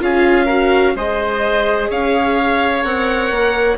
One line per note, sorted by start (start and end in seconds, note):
0.00 0.95 C#4
0.00 0.47 F4
0.00 0.46 G#4
0.00 0.96 F5
0.46 0.96 F#4
0.46 0.92 A#4
0.95 1.89 G#3
0.95 2.83 G#4
0.95 1.90 C5
0.95 1.91 D#5
1.90 2.84 C#4
1.90 3.77 C#5
1.90 2.84 F5
2.83 3.31 C4
2.83 3.77 A#4
2.83 3.78 F#5
3.31 3.78 A#3